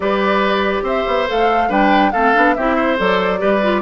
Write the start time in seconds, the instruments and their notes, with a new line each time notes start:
0.00 bassoon G3, clarinet G4, oboe B4, flute D5
0.82 bassoon C4, oboe C5, flute E5
1.07 bassoon B3
1.28 bassoon A3, clarinet A4, flute F5
1.68 bassoon G3, clarinet D4, oboe B4, flute G5
2.11 bassoon A3, clarinet C4, oboe A4, flute F5
2.34 bassoon B3, clarinet D4
2.54 bassoon C4, clarinet E4, oboe G4, flute E5
2.76 oboe C5
2.97 bassoon F#3, clarinet A4, flute D5
3.39 bassoon G3, clarinet G4, oboe B4
3.63 clarinet F4